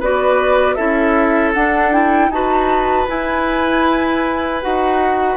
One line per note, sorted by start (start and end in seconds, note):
0.00 0.77 B3
0.00 0.77 F#4
0.00 0.76 B4
0.00 0.75 D5
0.75 1.55 C#4
0.75 1.54 E4
0.75 2.30 A4
0.75 1.51 E5
1.54 2.29 D4
1.54 1.92 D4
1.54 1.92 F#5
1.92 2.31 E4
1.92 2.31 G5
2.29 3.06 D#4
2.29 3.08 F#4
2.29 5.37 B4
2.29 3.08 A5
3.08 4.62 E4
3.08 4.63 E4
3.08 4.62 G#5
4.62 5.37 D#4
4.62 5.37 F#4
4.62 5.37 F#5